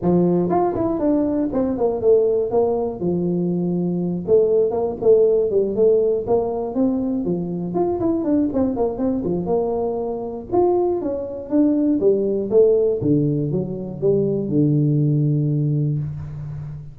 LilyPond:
\new Staff \with { instrumentName = "tuba" } { \time 4/4 \tempo 4 = 120 f4 f'8 e'8 d'4 c'8 ais8 | a4 ais4 f2~ | f8 a4 ais8 a4 g8 a8~ | a8 ais4 c'4 f4 f'8 |
e'8 d'8 c'8 ais8 c'8 f8 ais4~ | ais4 f'4 cis'4 d'4 | g4 a4 d4 fis4 | g4 d2. | }